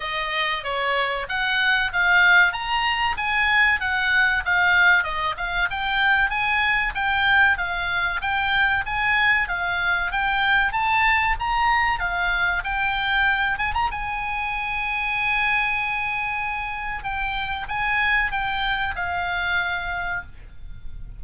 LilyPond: \new Staff \with { instrumentName = "oboe" } { \time 4/4 \tempo 4 = 95 dis''4 cis''4 fis''4 f''4 | ais''4 gis''4 fis''4 f''4 | dis''8 f''8 g''4 gis''4 g''4 | f''4 g''4 gis''4 f''4 |
g''4 a''4 ais''4 f''4 | g''4. gis''16 ais''16 gis''2~ | gis''2. g''4 | gis''4 g''4 f''2 | }